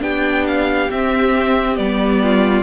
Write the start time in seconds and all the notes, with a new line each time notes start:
0.00 B3 D4 G4 G5
0.47 F5
0.90 C4 E5
1.75 G3 B3 D5
2.22 F4